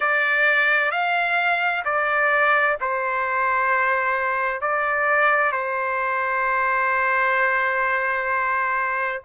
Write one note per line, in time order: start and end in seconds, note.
0.00 0.91 D5
0.91 1.83 F5
1.85 2.77 D5
2.80 4.61 C5
4.61 5.51 D5
5.51 9.21 C5